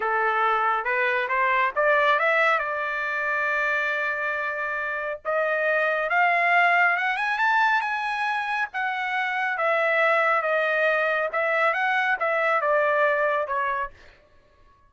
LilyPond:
\new Staff \with { instrumentName = "trumpet" } { \time 4/4 \tempo 4 = 138 a'2 b'4 c''4 | d''4 e''4 d''2~ | d''1 | dis''2 f''2 |
fis''8 gis''8 a''4 gis''2 | fis''2 e''2 | dis''2 e''4 fis''4 | e''4 d''2 cis''4 | }